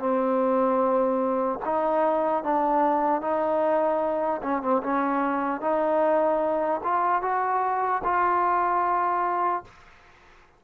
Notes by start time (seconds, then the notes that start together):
0.00 C4
1.66 D#4
2.44 D4
3.21 D#4
4.43 C#4
4.63 C4
4.83 C#4
5.61 D#4
6.84 F4
7.23 F#4
8.05 F4